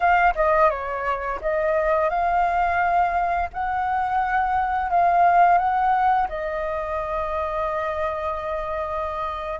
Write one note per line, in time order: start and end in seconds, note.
0.00 0.33 F5
0.35 0.69 D#5
0.69 1.39 C#5
1.41 2.09 D#5
2.09 3.49 F5
3.53 4.90 F#5
4.90 5.58 F5
5.58 6.27 F#5
6.28 9.59 D#5